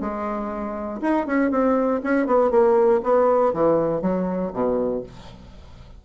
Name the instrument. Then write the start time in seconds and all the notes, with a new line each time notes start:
bassoon
0.00 G#3
1.01 D#4
1.26 C#4
1.50 C4
2.03 C#4
2.26 B3
2.50 A#3
3.03 B3
3.53 E3
4.01 F#3
4.53 B2